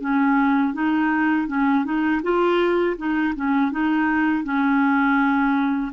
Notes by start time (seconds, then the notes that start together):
0.00 C#4
0.73 D#4
1.47 C#4
1.85 D#4
2.22 F4
2.97 D#4
3.35 C#4
3.71 D#4
4.44 C#4